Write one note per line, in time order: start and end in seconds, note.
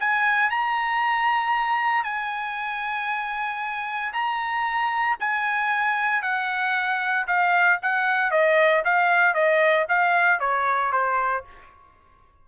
0.00 0.51 G#5
0.51 2.04 A#5
2.04 4.13 G#5
4.13 5.17 A#5
5.20 6.22 G#5
6.22 7.27 F#5
7.27 7.80 F5
7.82 8.31 F#5
8.31 8.83 D#5
8.85 9.34 F5
9.34 9.87 D#5
9.89 10.40 F5
10.40 10.92 C#5
10.92 11.45 C5